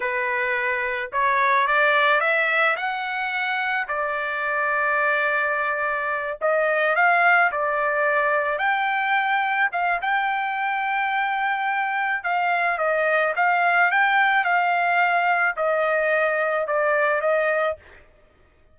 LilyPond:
\new Staff \with { instrumentName = "trumpet" } { \time 4/4 \tempo 4 = 108 b'2 cis''4 d''4 | e''4 fis''2 d''4~ | d''2.~ d''8 dis''8~ | dis''8 f''4 d''2 g''8~ |
g''4. f''8 g''2~ | g''2 f''4 dis''4 | f''4 g''4 f''2 | dis''2 d''4 dis''4 | }